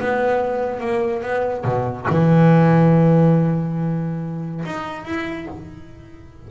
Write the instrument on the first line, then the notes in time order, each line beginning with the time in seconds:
double bass
0.00 B3
0.81 A#3
1.23 B3
1.65 B2
2.10 E3
4.66 D#4
5.05 E4